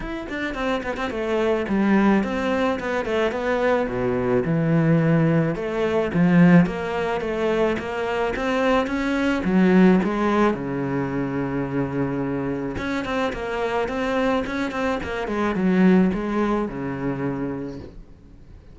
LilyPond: \new Staff \with { instrumentName = "cello" } { \time 4/4 \tempo 4 = 108 e'8 d'8 c'8 b16 c'16 a4 g4 | c'4 b8 a8 b4 b,4 | e2 a4 f4 | ais4 a4 ais4 c'4 |
cis'4 fis4 gis4 cis4~ | cis2. cis'8 c'8 | ais4 c'4 cis'8 c'8 ais8 gis8 | fis4 gis4 cis2 | }